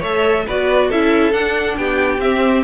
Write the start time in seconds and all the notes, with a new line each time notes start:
0.00 A3 A4 C#5 E5
0.47 B3 F#4 B4 D5
0.89 C#4 E4 A4 E5
1.32 D4 F#5
1.77 B3 G4 G5
2.18 C4 E5